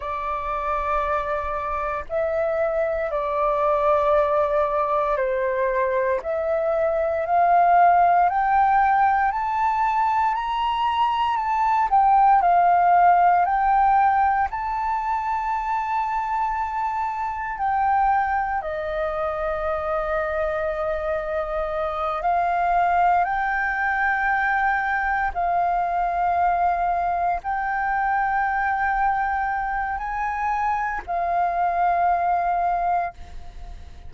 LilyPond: \new Staff \with { instrumentName = "flute" } { \time 4/4 \tempo 4 = 58 d''2 e''4 d''4~ | d''4 c''4 e''4 f''4 | g''4 a''4 ais''4 a''8 g''8 | f''4 g''4 a''2~ |
a''4 g''4 dis''2~ | dis''4. f''4 g''4.~ | g''8 f''2 g''4.~ | g''4 gis''4 f''2 | }